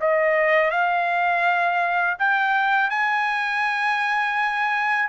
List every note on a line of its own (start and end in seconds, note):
0.00 0.71 D#5
0.71 2.17 F5
2.19 2.90 G5
2.90 5.09 G#5